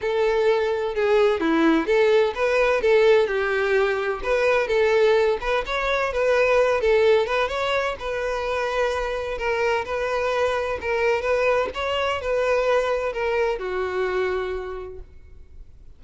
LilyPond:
\new Staff \with { instrumentName = "violin" } { \time 4/4 \tempo 4 = 128 a'2 gis'4 e'4 | a'4 b'4 a'4 g'4~ | g'4 b'4 a'4. b'8 | cis''4 b'4. a'4 b'8 |
cis''4 b'2. | ais'4 b'2 ais'4 | b'4 cis''4 b'2 | ais'4 fis'2. | }